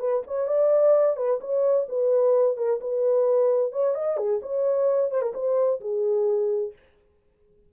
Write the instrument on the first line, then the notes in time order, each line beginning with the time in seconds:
horn
0.00 B4
0.27 C#5
0.48 D5
1.17 B4
1.41 C#5
1.89 B4
2.57 A#4
2.81 B4
3.73 C#5
3.95 D#5
4.17 G#4
4.43 C#5
5.11 C5
5.22 A#4
5.34 C5
5.81 G#4